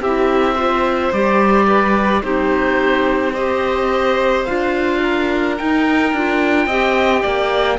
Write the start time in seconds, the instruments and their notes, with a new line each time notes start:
0.00 cello C4, clarinet E4, violin G4, oboe E5
0.55 clarinet F4, violin C5
1.12 cello G3, clarinet G4, oboe D5
1.67 violin B4
2.22 cello C4, clarinet D#4, violin G4, oboe C5
3.33 clarinet G4, violin C5, oboe D#5
4.44 cello D4, clarinet F4, oboe F5
5.03 violin A#4
5.57 clarinet D#4, cello D#4, oboe G5
6.13 cello D4, clarinet F4
6.66 cello C4, clarinet G4, violin D#5
7.22 cello A#3, violin D5